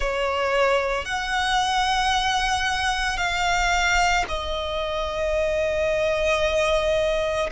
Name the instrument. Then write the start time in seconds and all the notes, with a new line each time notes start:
violin
0.00 C#5
1.05 F#5
3.17 F5
4.28 D#5